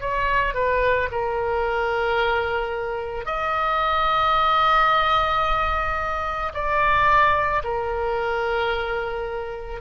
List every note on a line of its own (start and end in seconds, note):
0.00 0.54 C#5
0.54 1.09 B4
1.11 3.25 A#4
3.25 6.52 D#5
6.53 7.62 D5
7.64 9.80 A#4